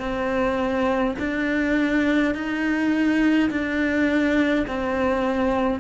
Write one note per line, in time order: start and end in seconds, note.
0.00 1.15 C4
1.20 2.35 D4
2.35 3.50 D#4
3.50 4.66 D4
4.68 5.80 C4